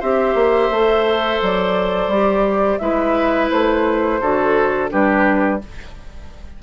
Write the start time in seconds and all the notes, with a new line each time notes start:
0.00 C4 G4 C5 E5
0.35 A#3
0.70 A3 A4
1.42 F#3 D5
2.08 G3 G4
2.79 G#3 E4 B4 E5
3.50 A3 C5
4.20 D3 F#4 A4
4.89 G3 D4 G4 B4